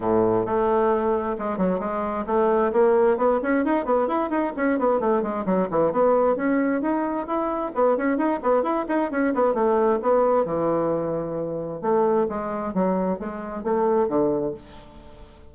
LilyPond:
\new Staff \with { instrumentName = "bassoon" } { \time 4/4 \tempo 4 = 132 a,4 a2 gis8 fis8 | gis4 a4 ais4 b8 cis'8 | dis'8 b8 e'8 dis'8 cis'8 b8 a8 gis8 | fis8 e8 b4 cis'4 dis'4 |
e'4 b8 cis'8 dis'8 b8 e'8 dis'8 | cis'8 b8 a4 b4 e4~ | e2 a4 gis4 | fis4 gis4 a4 d4 | }